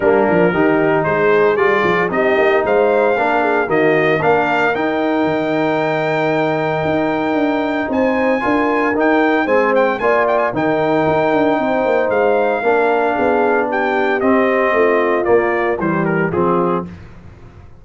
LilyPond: <<
  \new Staff \with { instrumentName = "trumpet" } { \time 4/4 \tempo 4 = 114 ais'2 c''4 d''4 | dis''4 f''2 dis''4 | f''4 g''2.~ | g''2. gis''4~ |
gis''4 g''4 gis''8 g''8 gis''8 g''16 gis''16 | g''2. f''4~ | f''2 g''4 dis''4~ | dis''4 d''4 c''8 ais'8 gis'4 | }
  \new Staff \with { instrumentName = "horn" } { \time 4/4 d'4 g'4 gis'2 | g'4 c''4 ais'8 gis'8 fis'4 | ais'1~ | ais'2. c''4 |
ais'2 c''4 d''4 | ais'2 c''2 | ais'4 gis'4 g'2 | f'2 g'4 f'4 | }
  \new Staff \with { instrumentName = "trombone" } { \time 4/4 ais4 dis'2 f'4 | dis'2 d'4 ais4 | d'4 dis'2.~ | dis'1 |
f'4 dis'4 c'4 f'4 | dis'1 | d'2. c'4~ | c'4 ais4 g4 c'4 | }
  \new Staff \with { instrumentName = "tuba" } { \time 4/4 g8 f8 dis4 gis4 g8 f8 | c'8 ais8 gis4 ais4 dis4 | ais4 dis'4 dis2~ | dis4 dis'4 d'4 c'4 |
d'4 dis'4 gis4 ais4 | dis4 dis'8 d'8 c'8 ais8 gis4 | ais4 b2 c'4 | a4 ais4 e4 f4 | }
>>